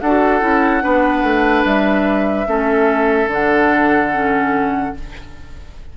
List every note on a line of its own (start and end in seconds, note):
0.00 0.42 D4
0.00 0.40 F#4
0.00 0.83 A4
0.00 1.64 F#5
0.40 0.83 C#4
0.40 0.81 E4
0.81 1.23 B3
0.81 2.46 D4
0.81 2.47 B4
1.23 1.64 A3
1.65 2.47 G3
1.65 3.30 E5
2.46 3.27 A3
2.46 3.28 C#4
2.46 4.95 A4
3.27 4.91 D3
3.27 4.12 D4
3.27 4.97 F#5
4.12 4.95 C#4